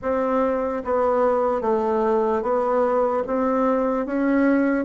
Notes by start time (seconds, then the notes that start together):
0.01 C4
0.84 B3
1.61 A3
2.42 B3
3.27 C4
4.06 C#4